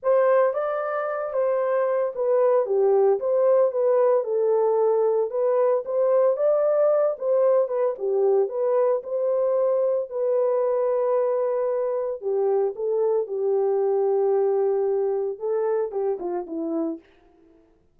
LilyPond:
\new Staff \with { instrumentName = "horn" } { \time 4/4 \tempo 4 = 113 c''4 d''4. c''4. | b'4 g'4 c''4 b'4 | a'2 b'4 c''4 | d''4. c''4 b'8 g'4 |
b'4 c''2 b'4~ | b'2. g'4 | a'4 g'2.~ | g'4 a'4 g'8 f'8 e'4 | }